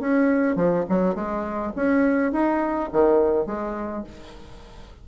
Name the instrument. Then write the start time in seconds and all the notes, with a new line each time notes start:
bassoon
0.00 C#4
0.56 F3
0.89 F#3
1.15 G#3
1.76 C#4
2.32 D#4
2.92 D#3
3.46 G#3